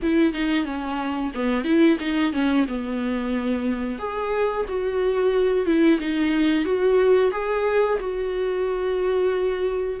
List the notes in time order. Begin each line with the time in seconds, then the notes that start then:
0.02 E4
0.33 D#4
0.65 C#4
1.34 B3
1.64 E4
1.99 D#4
2.32 C#4
2.68 B3
3.98 G#4
4.68 F#4
5.65 E4
6.00 D#4
6.64 F#4
7.32 G#4
8.00 F#4